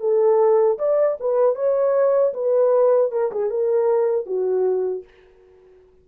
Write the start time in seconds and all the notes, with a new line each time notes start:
0.00 A4
0.78 D5
1.20 B4
1.55 C#5
2.33 B4
3.12 A#4
3.32 G#4
3.50 A#4
4.26 F#4